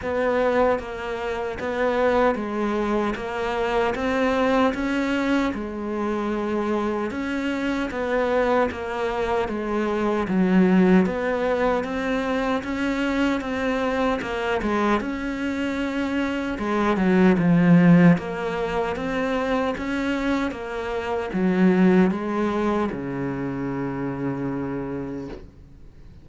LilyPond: \new Staff \with { instrumentName = "cello" } { \time 4/4 \tempo 4 = 76 b4 ais4 b4 gis4 | ais4 c'4 cis'4 gis4~ | gis4 cis'4 b4 ais4 | gis4 fis4 b4 c'4 |
cis'4 c'4 ais8 gis8 cis'4~ | cis'4 gis8 fis8 f4 ais4 | c'4 cis'4 ais4 fis4 | gis4 cis2. | }